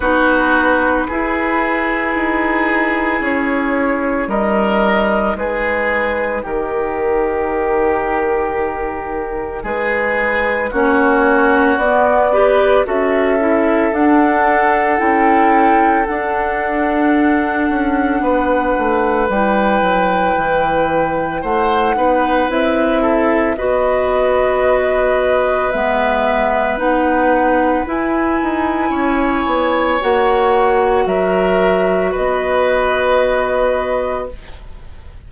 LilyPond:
<<
  \new Staff \with { instrumentName = "flute" } { \time 4/4 \tempo 4 = 56 b'2. cis''4 | dis''4 b'4 ais'2~ | ais'4 b'4 cis''4 d''4 | e''4 fis''4 g''4 fis''4~ |
fis''2 g''2 | fis''4 e''4 dis''2 | e''4 fis''4 gis''2 | fis''4 e''4 dis''2 | }
  \new Staff \with { instrumentName = "oboe" } { \time 4/4 fis'4 gis'2. | ais'4 gis'4 g'2~ | g'4 gis'4 fis'4. b'8 | a'1~ |
a'4 b'2. | c''8 b'4 a'8 b'2~ | b'2. cis''4~ | cis''4 ais'4 b'2 | }
  \new Staff \with { instrumentName = "clarinet" } { \time 4/4 dis'4 e'2. | dis'1~ | dis'2 cis'4 b8 g'8 | fis'8 e'8 d'4 e'4 d'4~ |
d'2 e'2~ | e'8 dis'8 e'4 fis'2 | b4 dis'4 e'2 | fis'1 | }
  \new Staff \with { instrumentName = "bassoon" } { \time 4/4 b4 e'4 dis'4 cis'4 | g4 gis4 dis2~ | dis4 gis4 ais4 b4 | cis'4 d'4 cis'4 d'4~ |
d'8 cis'8 b8 a8 g8 fis8 e4 | a8 b8 c'4 b2 | gis4 b4 e'8 dis'8 cis'8 b8 | ais4 fis4 b2 | }
>>